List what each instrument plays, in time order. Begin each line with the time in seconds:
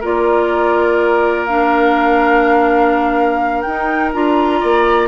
0.00 bassoon A#3, clarinet F4, oboe A#4, flute D5
1.45 clarinet D4, flute F5
3.62 bassoon D#4, clarinet D#4, flute G5
4.13 bassoon D4, clarinet F4, flute A#5
4.60 bassoon A#3, oboe D5